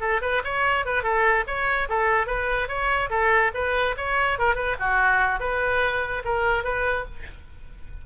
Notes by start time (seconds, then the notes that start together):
0.00 A4
0.21 B4
0.44 C#5
0.85 B4
1.03 A4
1.47 C#5
1.89 A4
2.26 B4
2.68 C#5
3.09 A4
3.54 B4
3.97 C#5
4.38 A#4
4.55 B4
4.79 F#4
5.40 B4
6.24 A#4
6.63 B4